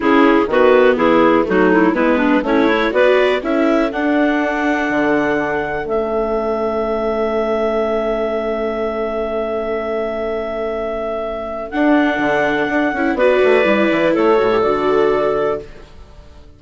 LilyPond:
<<
  \new Staff \with { instrumentName = "clarinet" } { \time 4/4 \tempo 4 = 123 gis'4 b'4 gis'4 fis'8 e'8 | b'4 cis''4 d''4 e''4 | fis''1 | e''1~ |
e''1~ | e''1 | fis''2. d''4~ | d''4 cis''4 d''2 | }
  \new Staff \with { instrumentName = "clarinet" } { \time 4/4 e'4 fis'4 e'4 dis'4 | e'8 d'8 cis'8 e'8 b'4 a'4~ | a'1~ | a'1~ |
a'1~ | a'1~ | a'2. b'4~ | b'4 a'2. | }
  \new Staff \with { instrumentName = "viola" } { \time 4/4 cis'4 b2 a4 | b4 e'4 fis'4 e'4 | d'1 | cis'1~ |
cis'1~ | cis'1 | d'2~ d'8 e'8 fis'4 | e'4. fis'16 g'16 fis'2 | }
  \new Staff \with { instrumentName = "bassoon" } { \time 4/4 cis4 dis4 e4 fis4 | gis4 a4 b4 cis'4 | d'2 d2 | a1~ |
a1~ | a1 | d'4 d4 d'8 cis'8 b8 a8 | g8 e8 a8 a,8 d2 | }
>>